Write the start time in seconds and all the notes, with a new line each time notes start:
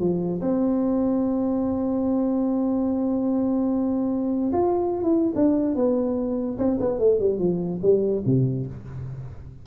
0.00 F3
0.41 C4
4.53 F4
5.02 E4
5.36 D4
5.76 B3
6.58 C4
6.80 B3
6.99 A3
7.20 G3
7.39 F3
7.82 G3
8.26 C3